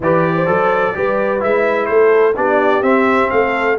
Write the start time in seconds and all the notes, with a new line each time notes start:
0.00 E3 G4 B4 D5
0.35 C5
0.46 F#3 A4
0.94 G3 G4 B4
1.40 G#3 E4 E5
1.86 A3 A4 C5
2.36 B3 D4 G4 D5
2.82 C4 E5
3.30 A3 A4 F5